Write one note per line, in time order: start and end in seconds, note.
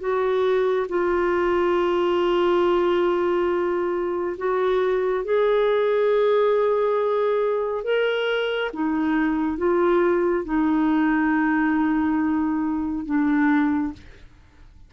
0.00 0.87 F#4
0.89 4.37 F4
4.38 5.25 F#4
5.25 7.85 G#4
7.85 8.72 A#4
8.74 9.58 D#4
9.58 10.45 F4
10.45 13.06 D#4
13.06 13.93 D4